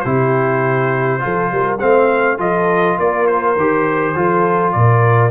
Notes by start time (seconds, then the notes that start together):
0.00 C3 E4 G4 C5
1.20 F3 F4 A4
1.51 G3 A#4
1.79 A3 C4 C5 F5
2.38 F3 F4 A4 D#5
2.98 A#3 A#4 D5
3.27 C5
3.56 D#3 G4
4.15 F3 F4 A4
4.72 A#2 A#4 D5